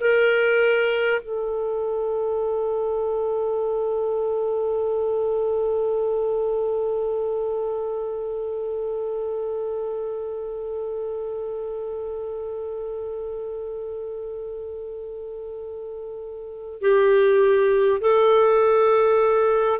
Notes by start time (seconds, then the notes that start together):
0.00 A#4
1.21 A4
16.81 G4
18.01 A4